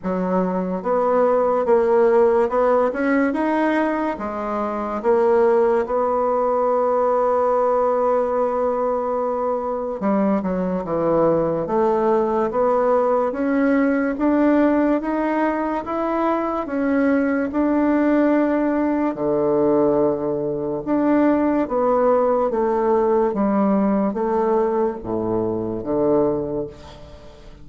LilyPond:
\new Staff \with { instrumentName = "bassoon" } { \time 4/4 \tempo 4 = 72 fis4 b4 ais4 b8 cis'8 | dis'4 gis4 ais4 b4~ | b1 | g8 fis8 e4 a4 b4 |
cis'4 d'4 dis'4 e'4 | cis'4 d'2 d4~ | d4 d'4 b4 a4 | g4 a4 a,4 d4 | }